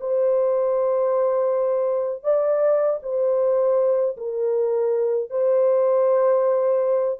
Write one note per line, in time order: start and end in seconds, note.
0.00 2.23 C5
2.23 2.99 D5
3.02 4.16 C5
4.17 5.30 A#4
5.30 7.19 C5